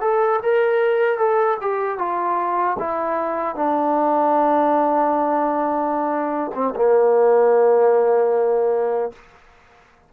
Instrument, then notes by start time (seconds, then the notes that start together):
trombone
0.00 A4
0.42 A#4
1.17 A4
1.61 G4
1.98 F4
2.78 E4
3.55 D4
6.54 C4
6.75 A#3